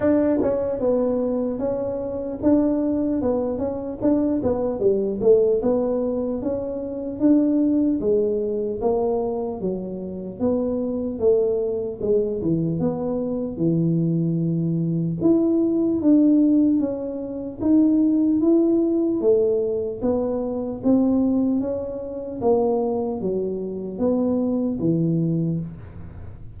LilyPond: \new Staff \with { instrumentName = "tuba" } { \time 4/4 \tempo 4 = 75 d'8 cis'8 b4 cis'4 d'4 | b8 cis'8 d'8 b8 g8 a8 b4 | cis'4 d'4 gis4 ais4 | fis4 b4 a4 gis8 e8 |
b4 e2 e'4 | d'4 cis'4 dis'4 e'4 | a4 b4 c'4 cis'4 | ais4 fis4 b4 e4 | }